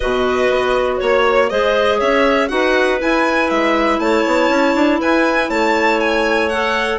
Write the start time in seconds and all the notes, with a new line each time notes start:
0.00 B2 F#4 B4 D#5
0.49 B3
0.97 A#3 C#5
1.49 G#3 G#4 C5 D#5
1.98 C#4 C#5 E5
2.48 D#4 F#4 B4 F#5
2.99 E4 G#5
3.49 G#3 E5
3.98 A3 C#5 A5
4.26 B3
4.48 C#4
4.74 D4
5.00 E4 B4 G#5
5.49 A3 C#5 A5
6.00 G#5
6.48 A4 F#5